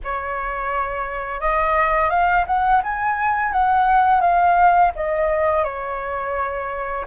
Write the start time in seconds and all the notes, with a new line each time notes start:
0.04 C#5
1.40 D#5
2.10 F5
2.46 F#5
2.83 G#5
3.52 F#5
4.20 F5
4.95 D#5
5.64 C#5